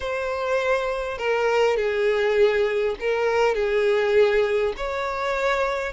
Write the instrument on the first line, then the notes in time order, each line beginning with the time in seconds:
violin
0.00 C5
1.18 A#4
1.76 G#4
3.00 A#4
3.55 G#4
4.76 C#5